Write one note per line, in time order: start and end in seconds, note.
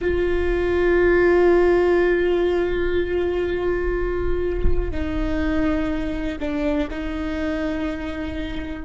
0.00 4.91 F4
4.91 6.38 D#4
6.39 6.88 D4
6.90 8.84 D#4